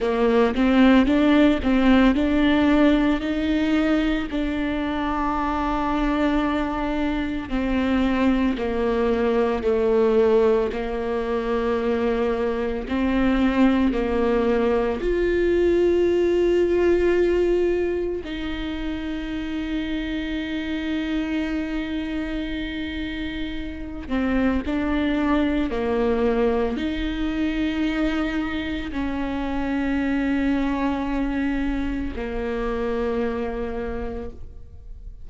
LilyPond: \new Staff \with { instrumentName = "viola" } { \time 4/4 \tempo 4 = 56 ais8 c'8 d'8 c'8 d'4 dis'4 | d'2. c'4 | ais4 a4 ais2 | c'4 ais4 f'2~ |
f'4 dis'2.~ | dis'2~ dis'8 c'8 d'4 | ais4 dis'2 cis'4~ | cis'2 ais2 | }